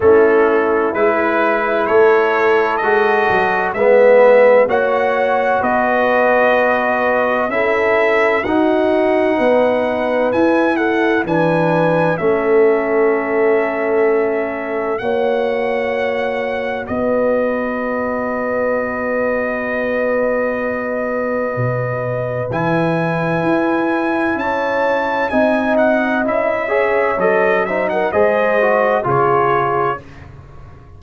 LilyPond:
<<
  \new Staff \with { instrumentName = "trumpet" } { \time 4/4 \tempo 4 = 64 a'4 b'4 cis''4 dis''4 | e''4 fis''4 dis''2 | e''4 fis''2 gis''8 fis''8 | gis''4 e''2. |
fis''2 dis''2~ | dis''1 | gis''2 a''4 gis''8 fis''8 | e''4 dis''8 e''16 fis''16 dis''4 cis''4 | }
  \new Staff \with { instrumentName = "horn" } { \time 4/4 e'2 a'2 | b'4 cis''4 b'2 | a'4 fis'4 b'4. a'8 | b'4 a'2. |
cis''2 b'2~ | b'1~ | b'2 cis''4 dis''4~ | dis''8 cis''4 c''16 ais'16 c''4 gis'4 | }
  \new Staff \with { instrumentName = "trombone" } { \time 4/4 cis'4 e'2 fis'4 | b4 fis'2. | e'4 dis'2 e'4 | d'4 cis'2. |
fis'1~ | fis'1 | e'2. dis'4 | e'8 gis'8 a'8 dis'8 gis'8 fis'8 f'4 | }
  \new Staff \with { instrumentName = "tuba" } { \time 4/4 a4 gis4 a4 gis8 fis8 | gis4 ais4 b2 | cis'4 dis'4 b4 e'4 | e4 a2. |
ais2 b2~ | b2. b,4 | e4 e'4 cis'4 c'4 | cis'4 fis4 gis4 cis4 | }
>>